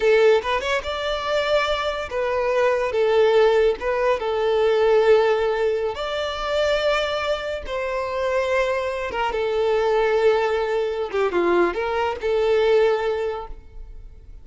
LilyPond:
\new Staff \with { instrumentName = "violin" } { \time 4/4 \tempo 4 = 143 a'4 b'8 cis''8 d''2~ | d''4 b'2 a'4~ | a'4 b'4 a'2~ | a'2~ a'16 d''4.~ d''16~ |
d''2~ d''16 c''4.~ c''16~ | c''4.~ c''16 ais'8 a'4.~ a'16~ | a'2~ a'8 g'8 f'4 | ais'4 a'2. | }